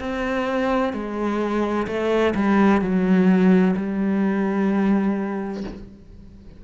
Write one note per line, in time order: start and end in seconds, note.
0.00 0.93 C4
0.93 1.87 G#3
1.87 2.34 A3
2.35 2.81 G3
2.81 3.75 F#3
3.76 5.64 G3